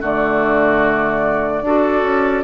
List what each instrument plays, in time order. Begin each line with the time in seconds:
0.00 bassoon D3, clarinet A3, oboe F#4, flute D5
1.61 bassoon D4, clarinet F#4, oboe A4
2.02 bassoon C#4